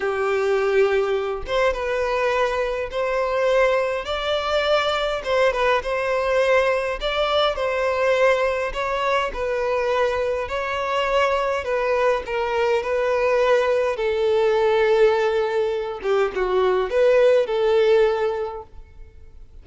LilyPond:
\new Staff \with { instrumentName = "violin" } { \time 4/4 \tempo 4 = 103 g'2~ g'8 c''8 b'4~ | b'4 c''2 d''4~ | d''4 c''8 b'8 c''2 | d''4 c''2 cis''4 |
b'2 cis''2 | b'4 ais'4 b'2 | a'2.~ a'8 g'8 | fis'4 b'4 a'2 | }